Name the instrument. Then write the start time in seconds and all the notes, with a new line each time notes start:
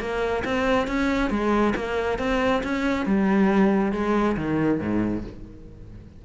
cello
0.00 A#3
0.45 C4
0.88 C#4
1.30 G#3
1.76 A#3
2.19 C4
2.64 C#4
3.06 G3
3.93 G#3
4.37 D#3
4.80 G#2